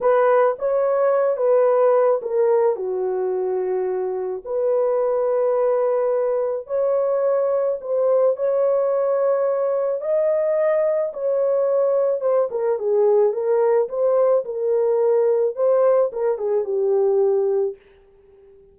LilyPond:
\new Staff \with { instrumentName = "horn" } { \time 4/4 \tempo 4 = 108 b'4 cis''4. b'4. | ais'4 fis'2. | b'1 | cis''2 c''4 cis''4~ |
cis''2 dis''2 | cis''2 c''8 ais'8 gis'4 | ais'4 c''4 ais'2 | c''4 ais'8 gis'8 g'2 | }